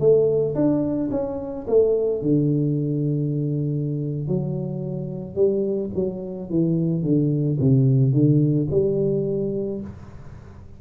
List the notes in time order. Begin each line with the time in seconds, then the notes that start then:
0.00 A3
0.55 D4
1.12 C#4
1.68 A3
2.22 D3
4.28 F#3
5.36 G3
5.95 F#3
6.50 E3
7.03 D3
7.60 C3
8.13 D3
8.71 G3